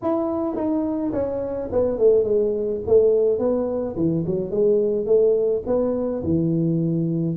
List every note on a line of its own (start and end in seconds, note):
0.02 0.55 E4
0.55 1.12 D#4
1.12 1.69 C#4
1.72 1.98 B3
1.98 2.24 A3
2.24 2.80 G#3
2.86 3.38 A3
3.38 3.95 B3
3.96 4.24 E3
4.26 4.50 F#3
4.50 5.05 G#3
5.05 5.62 A3
5.66 6.22 B3
6.23 7.36 E3